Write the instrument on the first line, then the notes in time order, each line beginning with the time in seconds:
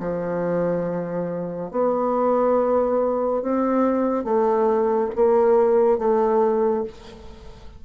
bassoon
0.00 F3
1.71 B3
3.42 C4
4.24 A3
5.15 A#3
5.98 A3